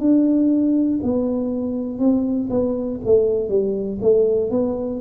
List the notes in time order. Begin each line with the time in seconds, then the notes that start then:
0.00 D4
1.03 B3
2.00 C4
2.50 B3
3.06 A3
3.49 G3
4.02 A3
4.51 B3